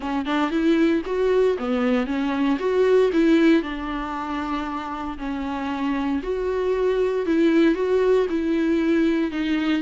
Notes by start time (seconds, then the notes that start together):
0.00 C#4
0.25 D4
0.50 E4
1.05 F#4
1.58 B3
2.06 C#4
2.59 F#4
3.12 E4
3.62 D4
5.17 C#4
6.22 F#4
7.26 E4
7.74 F#4
8.29 E4
9.31 D#4